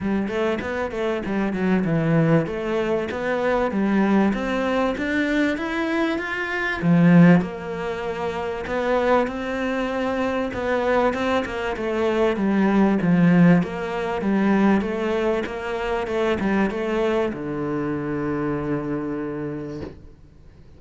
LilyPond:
\new Staff \with { instrumentName = "cello" } { \time 4/4 \tempo 4 = 97 g8 a8 b8 a8 g8 fis8 e4 | a4 b4 g4 c'4 | d'4 e'4 f'4 f4 | ais2 b4 c'4~ |
c'4 b4 c'8 ais8 a4 | g4 f4 ais4 g4 | a4 ais4 a8 g8 a4 | d1 | }